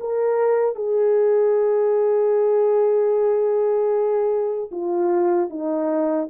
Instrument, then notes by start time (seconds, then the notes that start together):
horn
0.00 A#4
0.75 G#4
4.71 F4
5.49 D#4